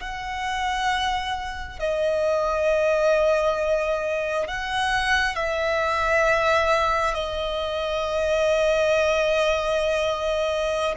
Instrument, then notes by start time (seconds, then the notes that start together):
violin
0.00 F#5
1.79 D#5
4.47 F#5
5.35 E5
7.14 D#5